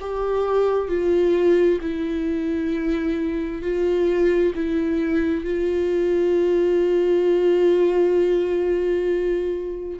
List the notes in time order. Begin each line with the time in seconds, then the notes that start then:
0.00 G4
0.88 F4
1.81 E4
3.62 F4
4.55 E4
5.44 F4